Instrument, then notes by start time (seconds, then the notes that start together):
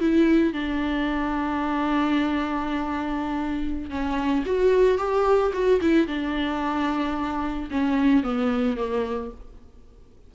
viola
0.00 E4
0.53 D4
3.90 C#4
4.46 F#4
4.98 G4
5.53 F#4
5.82 E4
6.08 D4
7.71 C#4
8.24 B3
8.77 A#3